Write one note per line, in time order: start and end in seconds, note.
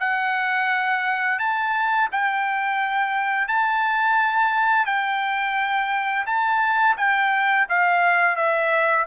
0.00 1.39 F#5
1.39 2.09 A5
2.12 3.48 G5
3.48 4.86 A5
4.86 6.25 G5
6.26 6.96 A5
6.97 7.67 G5
7.69 8.36 F5
8.36 9.06 E5